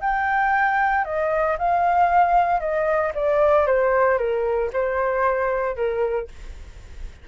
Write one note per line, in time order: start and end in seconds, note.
0.00 1.04 G5
1.04 1.57 D#5
1.58 2.60 F5
2.60 3.12 D#5
3.14 3.66 D5
3.66 4.18 C5
4.18 4.70 A#4
4.73 5.75 C5
5.75 6.28 A#4